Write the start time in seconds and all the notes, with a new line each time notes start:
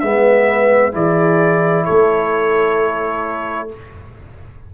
0.00 G#3 B3 B4 E5
0.92 E3 E4 G#4 D5
1.85 A3 A4 C#5